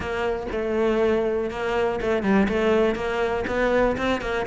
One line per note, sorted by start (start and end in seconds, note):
0.00 0.46 A#3
0.51 1.50 A3
1.50 2.00 A#3
2.01 2.22 A3
2.22 2.47 G3
2.48 2.95 A3
2.95 3.44 A#3
3.47 3.96 B3
3.97 4.21 C4
4.21 4.45 A#3